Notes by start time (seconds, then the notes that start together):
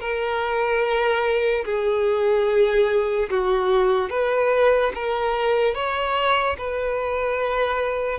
0.00 A#4
1.65 G#4
3.29 F#4
4.09 B4
4.94 A#4
5.74 C#5
6.58 B4